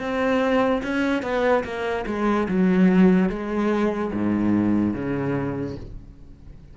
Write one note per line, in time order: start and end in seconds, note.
0.00 0.82 C4
0.83 1.23 C#4
1.23 1.64 B3
1.64 2.05 A#3
2.07 2.48 G#3
2.48 3.30 F#3
3.30 4.12 G#3
4.13 4.94 G#2
4.94 5.76 C#3